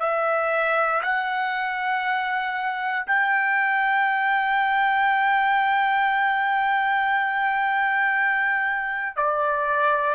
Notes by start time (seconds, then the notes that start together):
0.00 E5
1.02 F#5
3.06 G5
9.16 D5